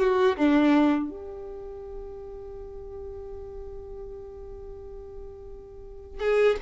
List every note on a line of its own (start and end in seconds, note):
0.00 0.37 F#4
0.37 1.10 D4
1.10 6.20 G4
6.20 6.56 G#4